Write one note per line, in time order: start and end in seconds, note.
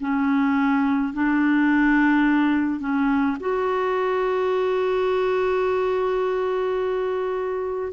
0.00 1.13 C#4
1.14 2.80 D4
2.80 3.37 C#4
3.40 7.93 F#4